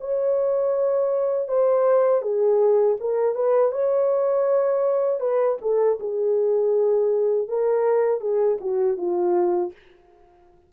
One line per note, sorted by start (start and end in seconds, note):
0.00 1.48 C#5
1.48 2.21 C5
2.21 2.96 G#4
3.00 3.34 A#4
3.34 3.71 B4
3.71 5.20 C#5
5.20 5.57 B4
5.61 5.98 A4
5.99 7.48 G#4
7.48 8.20 A#4
8.20 8.58 G#4
8.60 8.97 F#4
8.97 9.72 F4